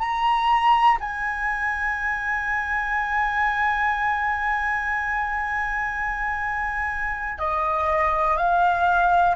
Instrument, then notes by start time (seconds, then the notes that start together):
flute
0.00 A#5
1.01 G#5
7.39 D#5
8.37 F5